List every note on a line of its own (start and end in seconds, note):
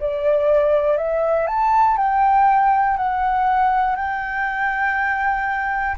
0.00 0.98 D5
0.98 1.47 E5
1.47 1.97 A5
1.97 2.97 G5
2.97 3.96 F#5
3.96 5.96 G5